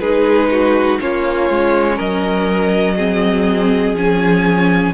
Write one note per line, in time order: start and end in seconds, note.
0.00 0.99 G#3
0.00 1.00 D#4
0.00 0.50 G#4
0.00 0.98 B4
0.51 1.01 F#4
1.00 1.50 A#3
1.00 2.97 C#4
1.00 1.96 F4
1.00 1.99 C#5
1.50 1.99 G#3
1.96 3.93 F#3
1.96 2.94 A#4
1.96 3.95 D#5
2.96 3.96 C4
2.96 4.93 G#4
3.93 4.92 F3
3.93 4.94 C#4
3.93 4.94 G#5